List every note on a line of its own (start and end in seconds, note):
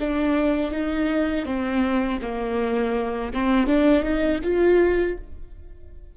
0.00 0.71 D4
0.71 1.45 D#4
1.45 2.20 C4
2.22 3.33 A#3
3.33 3.67 C4
3.67 4.03 D4
4.03 4.40 D#4
4.43 5.17 F4